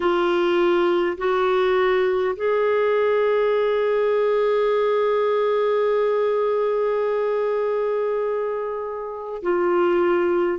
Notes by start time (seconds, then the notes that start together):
0.00 F4
1.17 F#4
2.36 G#4
9.42 F4